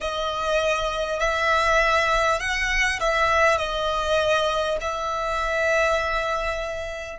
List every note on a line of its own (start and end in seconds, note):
0.00 1.19 D#5
1.19 2.39 E5
2.39 2.99 F#5
2.99 3.57 E5
3.57 4.77 D#5
4.80 7.19 E5